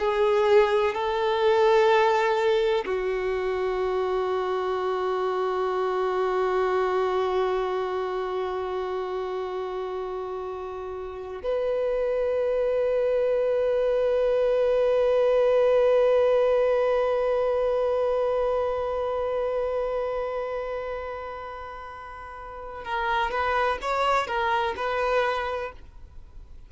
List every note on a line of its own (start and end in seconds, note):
0.00 0.95 G#4
0.95 2.85 A4
2.86 11.43 F#4
11.43 22.85 B4
22.85 23.31 A#4
23.31 23.79 B4
23.82 24.28 C#5
24.28 24.75 A#4
24.77 25.72 B4